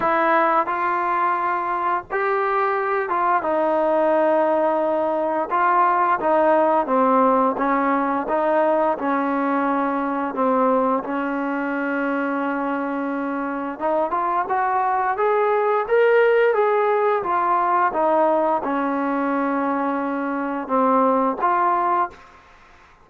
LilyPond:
\new Staff \with { instrumentName = "trombone" } { \time 4/4 \tempo 4 = 87 e'4 f'2 g'4~ | g'8 f'8 dis'2. | f'4 dis'4 c'4 cis'4 | dis'4 cis'2 c'4 |
cis'1 | dis'8 f'8 fis'4 gis'4 ais'4 | gis'4 f'4 dis'4 cis'4~ | cis'2 c'4 f'4 | }